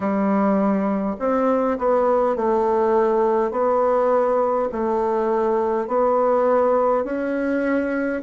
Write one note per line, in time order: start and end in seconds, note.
0.00 1.16 G3
1.19 1.78 C4
1.78 2.35 B3
2.35 3.51 A3
3.51 4.68 B3
4.72 5.87 A3
5.87 7.04 B3
7.04 8.22 C#4